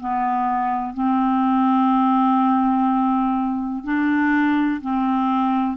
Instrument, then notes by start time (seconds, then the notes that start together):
clarinet
0.00 B3
0.94 C4
3.84 D4
4.82 C4